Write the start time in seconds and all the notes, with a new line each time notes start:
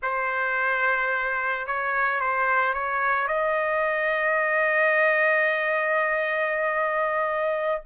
0.02 C5
1.66 C#5
2.20 C5
2.73 C#5
3.27 D#5